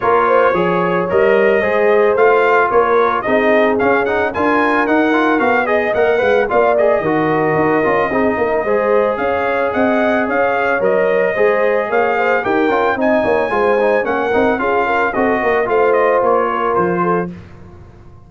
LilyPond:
<<
  \new Staff \with { instrumentName = "trumpet" } { \time 4/4 \tempo 4 = 111 cis''2 dis''2 | f''4 cis''4 dis''4 f''8 fis''8 | gis''4 fis''4 f''8 dis''8 fis''4 | f''8 dis''2.~ dis''8~ |
dis''4 f''4 fis''4 f''4 | dis''2 f''4 g''4 | gis''2 fis''4 f''4 | dis''4 f''8 dis''8 cis''4 c''4 | }
  \new Staff \with { instrumentName = "horn" } { \time 4/4 ais'8 c''8 cis''2 c''4~ | c''4 ais'4 gis'2 | ais'2~ ais'8 dis''4 f''8 | d''4 ais'2 gis'8 ais'8 |
c''4 cis''4 dis''4 cis''4~ | cis''4 c''4 cis''8 c''8 ais'4 | dis''8 cis''8 c''4 ais'4 gis'8 ais'8 | a'8 ais'8 c''4. ais'4 a'8 | }
  \new Staff \with { instrumentName = "trombone" } { \time 4/4 f'4 gis'4 ais'4 gis'4 | f'2 dis'4 cis'8 dis'8 | f'4 dis'8 f'8 fis'8 gis'8 ais'8 b'8 | f'8 gis'8 fis'4. f'8 dis'4 |
gis'1 | ais'4 gis'2 g'8 f'8 | dis'4 f'8 dis'8 cis'8 dis'8 f'4 | fis'4 f'2. | }
  \new Staff \with { instrumentName = "tuba" } { \time 4/4 ais4 f4 g4 gis4 | a4 ais4 c'4 cis'4 | d'4 dis'4 b4 ais8 gis8 | ais4 dis4 dis'8 cis'8 c'8 ais8 |
gis4 cis'4 c'4 cis'4 | fis4 gis4 ais4 dis'8 cis'8 | c'8 ais8 gis4 ais8 c'8 cis'4 | c'8 ais8 a4 ais4 f4 | }
>>